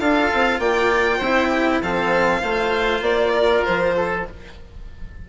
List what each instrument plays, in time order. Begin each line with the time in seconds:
0.00 bassoon D4, cello F4, oboe A4, violin F5
0.34 bassoon C4
0.59 bassoon A#3, oboe D5, violin G5
1.18 bassoon C4, oboe C5
1.25 cello E4
1.49 oboe G4
1.82 bassoon F3, cello C4, oboe A4, violin F5
2.40 bassoon A3, cello F4, oboe C5
3.01 bassoon A#3, violin D5
3.35 oboe A#4
3.65 bassoon F3, violin C5
3.97 oboe A4